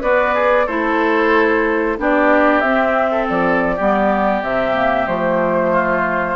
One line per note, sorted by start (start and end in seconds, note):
0.00 0.67 B3
0.00 0.34 F#4
0.00 0.65 B4
0.00 0.67 D5
0.34 0.66 G#4
0.66 1.98 A3
0.66 1.98 E4
0.66 1.96 A4
0.66 1.97 C5
1.98 2.62 B3
1.98 2.63 D4
1.98 3.10 G4
1.98 2.60 D5
2.60 3.27 C4
2.60 3.78 C4
2.60 3.25 E5
3.10 3.75 A4
3.29 3.78 F3
3.29 4.43 D5
3.75 4.42 G3
3.75 4.42 B3
3.75 5.71 G4
4.42 5.07 C3
4.42 4.74 C4
4.42 5.07 E5
4.74 5.06 A#3
5.06 6.36 F3
5.06 6.36 A3
5.06 6.36 C5
5.72 6.36 F4